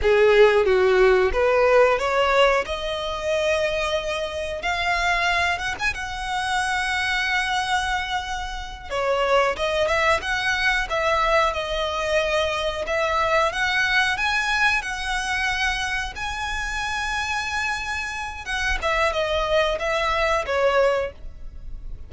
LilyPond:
\new Staff \with { instrumentName = "violin" } { \time 4/4 \tempo 4 = 91 gis'4 fis'4 b'4 cis''4 | dis''2. f''4~ | f''8 fis''16 gis''16 fis''2.~ | fis''4. cis''4 dis''8 e''8 fis''8~ |
fis''8 e''4 dis''2 e''8~ | e''8 fis''4 gis''4 fis''4.~ | fis''8 gis''2.~ gis''8 | fis''8 e''8 dis''4 e''4 cis''4 | }